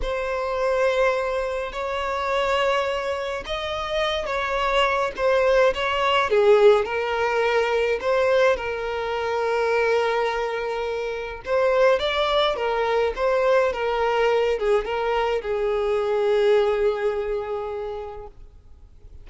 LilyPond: \new Staff \with { instrumentName = "violin" } { \time 4/4 \tempo 4 = 105 c''2. cis''4~ | cis''2 dis''4. cis''8~ | cis''4 c''4 cis''4 gis'4 | ais'2 c''4 ais'4~ |
ais'1 | c''4 d''4 ais'4 c''4 | ais'4. gis'8 ais'4 gis'4~ | gis'1 | }